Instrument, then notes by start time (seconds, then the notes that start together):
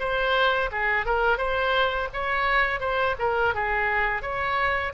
oboe
0.00 C5
0.72 G#4
1.06 A#4
1.38 C5
2.14 C#5
2.80 C5
3.19 A#4
3.55 G#4
4.22 C#5